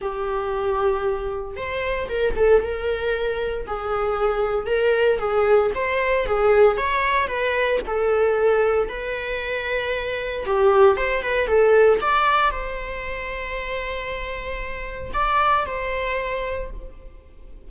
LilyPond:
\new Staff \with { instrumentName = "viola" } { \time 4/4 \tempo 4 = 115 g'2. c''4 | ais'8 a'8 ais'2 gis'4~ | gis'4 ais'4 gis'4 c''4 | gis'4 cis''4 b'4 a'4~ |
a'4 b'2. | g'4 c''8 b'8 a'4 d''4 | c''1~ | c''4 d''4 c''2 | }